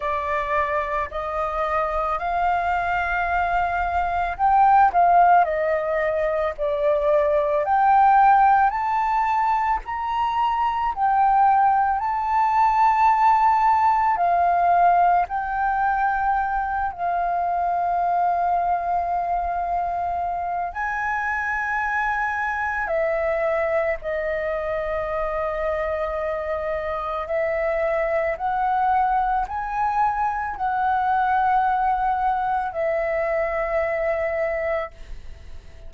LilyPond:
\new Staff \with { instrumentName = "flute" } { \time 4/4 \tempo 4 = 55 d''4 dis''4 f''2 | g''8 f''8 dis''4 d''4 g''4 | a''4 ais''4 g''4 a''4~ | a''4 f''4 g''4. f''8~ |
f''2. gis''4~ | gis''4 e''4 dis''2~ | dis''4 e''4 fis''4 gis''4 | fis''2 e''2 | }